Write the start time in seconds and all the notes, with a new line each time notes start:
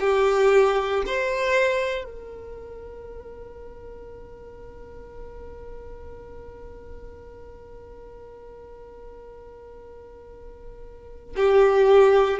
0.00 G4
1.06 C5
2.05 A#4
11.36 G4